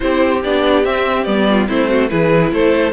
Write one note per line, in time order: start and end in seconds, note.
0.00 0.44 C4
0.00 0.39 E4
0.00 1.48 G4
0.00 0.41 C5
0.43 0.85 B3
0.43 0.84 D4
0.43 0.85 D5
0.84 1.25 C4
0.84 1.26 C4
0.84 1.24 E5
1.24 1.68 G3
1.24 1.67 B3
1.24 1.66 D5
1.49 1.68 F4
1.67 2.11 A3
1.67 2.08 C4
1.67 1.88 E4
1.67 2.08 C5
1.88 2.09 F#4
2.08 2.52 E3
2.08 2.92 E4
2.08 2.52 G#4
2.08 2.50 B4
2.52 2.92 A3
2.52 2.92 A4
2.52 2.92 C5